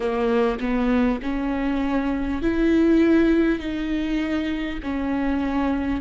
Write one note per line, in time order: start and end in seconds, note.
0.00 0.58 A#3
0.59 1.19 B3
1.22 2.42 C#4
2.42 3.59 E4
3.59 4.79 D#4
4.82 6.01 C#4